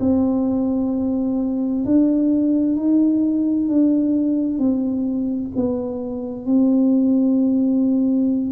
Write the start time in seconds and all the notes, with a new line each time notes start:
0.00 C4
1.85 D4
2.76 D#4
3.68 D4
4.58 C4
5.55 B3
6.45 C4